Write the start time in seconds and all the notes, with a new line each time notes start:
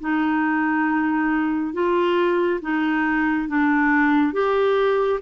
0.00 D#4
1.73 F4
2.61 D#4
3.48 D4
4.33 G4